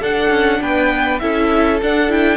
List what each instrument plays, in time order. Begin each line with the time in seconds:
0.00 cello D4, viola D4, violin A4 F#5
0.29 cello C#4
0.61 cello B3, violin B4 G5
1.19 cello C#4, viola E4, violin A4 E5
1.82 viola D4, cello D4, violin F#5
2.08 viola E4, violin G5